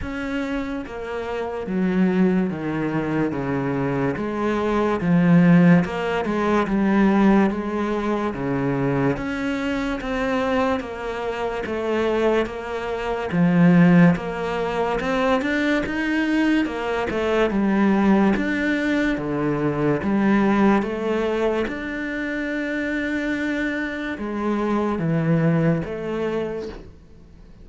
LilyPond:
\new Staff \with { instrumentName = "cello" } { \time 4/4 \tempo 4 = 72 cis'4 ais4 fis4 dis4 | cis4 gis4 f4 ais8 gis8 | g4 gis4 cis4 cis'4 | c'4 ais4 a4 ais4 |
f4 ais4 c'8 d'8 dis'4 | ais8 a8 g4 d'4 d4 | g4 a4 d'2~ | d'4 gis4 e4 a4 | }